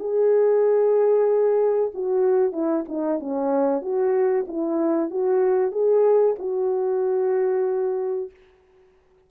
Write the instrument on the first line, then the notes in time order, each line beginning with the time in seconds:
horn
0.00 G#4
1.94 F#4
2.53 E4
2.89 D#4
3.20 C#4
3.82 F#4
4.48 E4
5.11 F#4
5.72 G#4
6.39 F#4